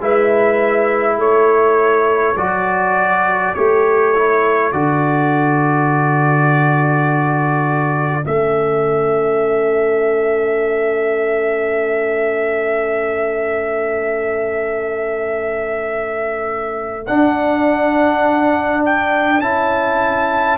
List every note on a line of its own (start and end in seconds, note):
0.00 1.18 G#3
0.00 2.36 E4
0.00 1.18 B4
0.00 1.21 E5
1.18 2.35 A3
1.18 20.58 A4
1.18 2.37 C#5
2.36 3.54 F#3
2.36 3.55 F#4
2.36 3.55 D5
3.55 4.73 A3
3.55 4.15 G4
3.55 4.72 C#5
4.15 4.73 E4
4.72 8.25 D3
4.72 8.22 F#4
4.72 8.25 D5
8.22 17.09 A3
8.22 17.04 C#4
8.22 17.07 E5
17.07 19.42 D4
17.07 19.41 D4
17.07 18.83 F#5
18.85 19.41 G5
19.41 20.58 C#4
19.41 20.58 E4
19.41 20.58 A5